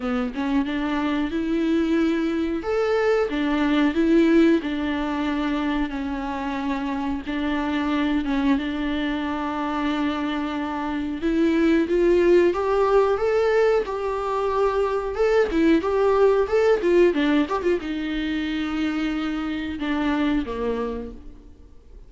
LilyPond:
\new Staff \with { instrumentName = "viola" } { \time 4/4 \tempo 4 = 91 b8 cis'8 d'4 e'2 | a'4 d'4 e'4 d'4~ | d'4 cis'2 d'4~ | d'8 cis'8 d'2.~ |
d'4 e'4 f'4 g'4 | a'4 g'2 a'8 e'8 | g'4 a'8 f'8 d'8 g'16 f'16 dis'4~ | dis'2 d'4 ais4 | }